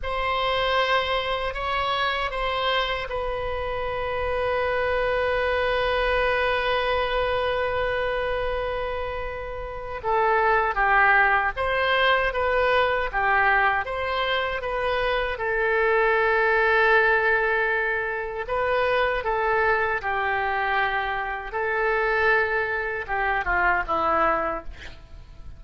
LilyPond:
\new Staff \with { instrumentName = "oboe" } { \time 4/4 \tempo 4 = 78 c''2 cis''4 c''4 | b'1~ | b'1~ | b'4 a'4 g'4 c''4 |
b'4 g'4 c''4 b'4 | a'1 | b'4 a'4 g'2 | a'2 g'8 f'8 e'4 | }